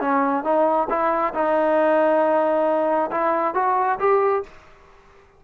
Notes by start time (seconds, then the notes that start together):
0.00 C#4
0.44 D#4
0.89 E4
1.34 D#4
3.11 E4
3.54 F#4
3.99 G4